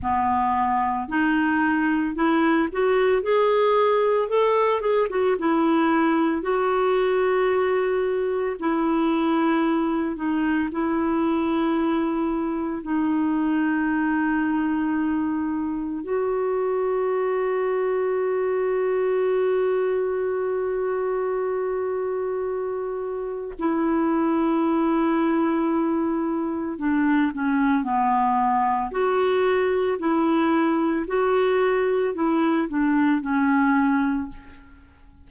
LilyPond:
\new Staff \with { instrumentName = "clarinet" } { \time 4/4 \tempo 4 = 56 b4 dis'4 e'8 fis'8 gis'4 | a'8 gis'16 fis'16 e'4 fis'2 | e'4. dis'8 e'2 | dis'2. fis'4~ |
fis'1~ | fis'2 e'2~ | e'4 d'8 cis'8 b4 fis'4 | e'4 fis'4 e'8 d'8 cis'4 | }